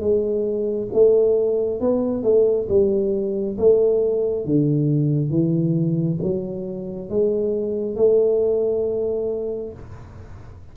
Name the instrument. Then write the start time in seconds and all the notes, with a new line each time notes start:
tuba
0.00 G#3
0.93 A3
1.81 B3
2.23 A3
2.69 G3
3.58 A3
4.46 D3
5.31 E3
6.22 F#3
7.10 G#3
7.97 A3